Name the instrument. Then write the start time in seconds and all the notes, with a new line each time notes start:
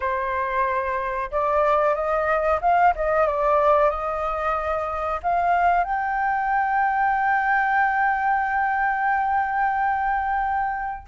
flute
0.00 C5
1.31 D5
1.94 D#5
2.61 F5
2.95 D#5
3.26 D5
3.90 D#5
5.22 F5
5.84 G5